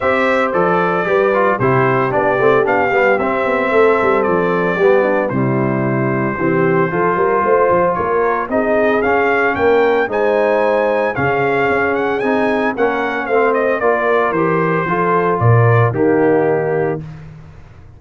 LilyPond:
<<
  \new Staff \with { instrumentName = "trumpet" } { \time 4/4 \tempo 4 = 113 e''4 d''2 c''4 | d''4 f''4 e''2 | d''2 c''2~ | c''2. cis''4 |
dis''4 f''4 g''4 gis''4~ | gis''4 f''4. fis''8 gis''4 | fis''4 f''8 dis''8 d''4 c''4~ | c''4 d''4 g'2 | }
  \new Staff \with { instrumentName = "horn" } { \time 4/4 c''2 b'4 g'4~ | g'2. a'4~ | a'4 g'8 d'8 e'2 | g'4 a'8 ais'8 c''4 ais'4 |
gis'2 ais'4 c''4~ | c''4 gis'2. | ais'4 c''4 ais'2 | a'4 ais'4 dis'2 | }
  \new Staff \with { instrumentName = "trombone" } { \time 4/4 g'4 a'4 g'8 f'8 e'4 | d'8 c'8 d'8 b8 c'2~ | c'4 b4 g2 | c'4 f'2. |
dis'4 cis'2 dis'4~ | dis'4 cis'2 dis'4 | cis'4 c'4 f'4 g'4 | f'2 ais2 | }
  \new Staff \with { instrumentName = "tuba" } { \time 4/4 c'4 f4 g4 c4 | b8 a8 b8 g8 c'8 b8 a8 g8 | f4 g4 c2 | e4 f8 g8 a8 f8 ais4 |
c'4 cis'4 ais4 gis4~ | gis4 cis4 cis'4 c'4 | ais4 a4 ais4 e4 | f4 ais,4 dis2 | }
>>